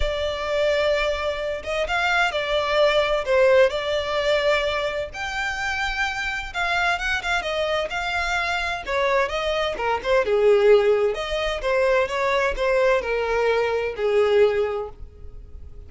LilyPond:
\new Staff \with { instrumentName = "violin" } { \time 4/4 \tempo 4 = 129 d''2.~ d''8 dis''8 | f''4 d''2 c''4 | d''2. g''4~ | g''2 f''4 fis''8 f''8 |
dis''4 f''2 cis''4 | dis''4 ais'8 c''8 gis'2 | dis''4 c''4 cis''4 c''4 | ais'2 gis'2 | }